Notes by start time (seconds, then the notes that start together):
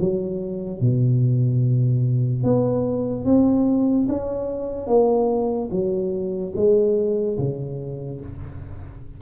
0.00 F#3
0.81 B2
2.44 B3
3.25 C4
4.09 C#4
4.87 A#3
5.71 F#3
6.56 G#3
7.38 C#3